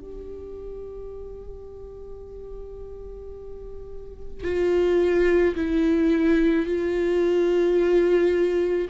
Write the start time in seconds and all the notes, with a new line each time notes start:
0.00 G4
4.43 F4
5.55 E4
6.66 F4